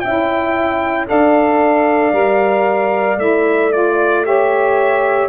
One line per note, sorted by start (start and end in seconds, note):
0.00 1.09 C#4
0.00 1.07 E4
0.00 1.10 E5
0.00 1.05 G5
1.07 2.12 D4
1.07 2.12 A4
1.07 4.25 D5
1.07 3.19 F5
2.12 3.17 G3
2.12 3.17 A#4
3.17 5.27 A3
3.17 3.71 E4
3.17 3.72 E5
3.71 4.24 F4
3.71 4.25 D5
4.24 5.29 G4
4.24 5.29 C#5
4.24 5.29 E5